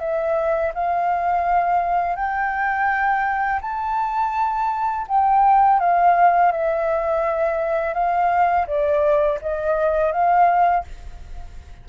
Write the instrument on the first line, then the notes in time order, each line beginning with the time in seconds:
flute
0.00 E5
0.74 F5
2.16 G5
3.61 A5
5.08 G5
5.80 F5
6.52 E5
7.94 F5
8.67 D5
9.42 D#5
10.12 F5